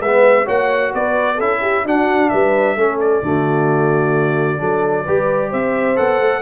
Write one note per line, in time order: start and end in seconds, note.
0.00 0.46 G#3
0.00 0.46 B3
0.00 0.45 B4
0.00 0.47 E5
0.45 0.94 A#3
0.45 1.37 F#4
0.45 0.91 C#5
0.45 0.94 F#5
0.94 1.39 B3
0.94 1.36 B4
0.94 1.40 D5
1.36 1.84 C#4
1.36 1.86 E4
1.36 1.59 A4
1.36 1.86 E5
1.61 1.84 G4
1.84 2.30 D4
1.84 2.77 D4
1.84 2.31 F#4
1.84 2.29 F#5
2.29 2.76 G3
2.29 2.78 B4
2.29 2.98 E5
2.76 3.22 A3
2.76 3.23 C#4
2.76 3.24 A4
3.01 5.53 D5
3.22 4.60 D3
3.22 4.58 A3
3.22 4.60 F#4
4.58 5.07 F#3
4.58 5.04 D4
4.58 5.05 A4
5.05 5.53 G3
5.05 5.96 G4
5.05 5.49 B4
5.49 5.98 C4
5.49 6.41 C5
5.49 5.97 E5
5.96 6.21 B3
5.96 6.42 A4
5.96 6.42 F#5
6.21 6.42 A3